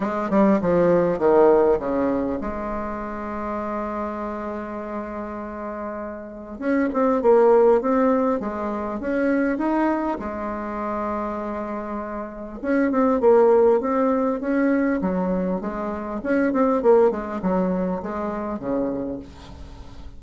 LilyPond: \new Staff \with { instrumentName = "bassoon" } { \time 4/4 \tempo 4 = 100 gis8 g8 f4 dis4 cis4 | gis1~ | gis2. cis'8 c'8 | ais4 c'4 gis4 cis'4 |
dis'4 gis2.~ | gis4 cis'8 c'8 ais4 c'4 | cis'4 fis4 gis4 cis'8 c'8 | ais8 gis8 fis4 gis4 cis4 | }